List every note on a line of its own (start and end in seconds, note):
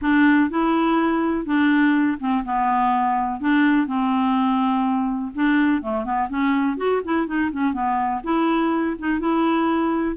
0.01 0.49 D4
0.50 1.45 E4
1.45 2.18 D4
2.20 2.44 C4
2.44 3.40 B3
3.40 3.87 D4
3.87 5.32 C4
5.35 5.82 D4
5.82 6.04 A3
6.04 6.29 B3
6.29 6.77 C#4
6.77 7.01 F#4
7.04 7.26 E4
7.26 7.50 D#4
7.51 7.73 C#4
7.73 8.21 B3
8.23 8.96 E4
8.99 9.19 D#4
9.19 10.16 E4